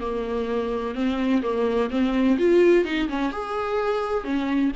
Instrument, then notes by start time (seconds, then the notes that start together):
viola
0.00 A#3
0.95 C4
1.42 A#3
1.90 C4
2.38 F4
2.85 D#4
3.08 C#4
3.32 G#4
4.24 C#4